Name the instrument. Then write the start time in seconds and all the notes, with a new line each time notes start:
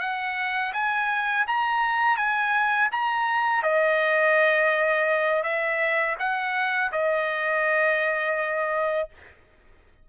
trumpet
0.00 F#5
0.73 G#5
1.47 A#5
2.17 G#5
2.92 A#5
3.63 D#5
5.43 E5
6.19 F#5
6.92 D#5